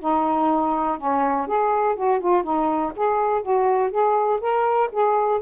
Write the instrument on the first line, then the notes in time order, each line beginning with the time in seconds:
saxophone
0.00 D#4
0.99 C#4
1.48 G#4
1.96 F#4
2.20 F4
2.43 D#4
2.96 G#4
3.42 F#4
3.91 G#4
4.41 A#4
4.92 G#4